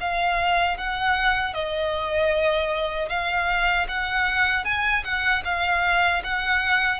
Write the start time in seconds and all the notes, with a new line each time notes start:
0.00 F5
0.77 F#5
1.54 D#5
3.09 F5
3.88 F#5
4.65 G#5
5.04 F#5
5.44 F5
6.24 F#5